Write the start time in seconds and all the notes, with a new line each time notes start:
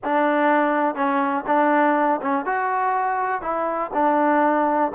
0.04 D4
0.95 C#4
1.46 D4
2.21 C#4
2.45 F#4
3.41 E4
3.93 D4